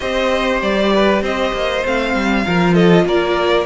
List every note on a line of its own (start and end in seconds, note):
0.00 0.61 C4
0.00 1.82 G4
0.00 0.92 C5
0.00 0.61 D#5
0.61 1.21 G3
0.61 1.23 D5
0.93 1.22 B4
1.21 1.52 C4
1.21 2.44 C5
1.21 1.86 D#5
1.53 1.83 A#3
1.85 2.14 A3
1.85 2.45 C4
1.85 2.74 F5
2.14 2.45 G3
2.45 3.04 F3
2.45 3.65 F4
2.45 2.74 A#4
2.74 3.04 A4
2.74 3.05 D#5
3.04 3.65 A#3
3.04 3.65 A#4
3.04 3.65 D5